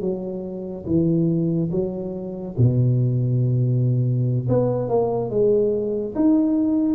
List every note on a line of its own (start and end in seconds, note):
0.00 0.85 F#3
0.85 1.69 E3
1.71 2.55 F#3
2.57 4.48 B2
4.48 4.89 B3
4.89 5.29 A#3
5.29 6.14 G#3
6.15 6.95 D#4